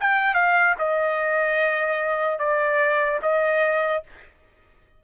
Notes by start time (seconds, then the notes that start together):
0.00 G5
0.34 F5
0.78 D#5
2.38 D5
3.22 D#5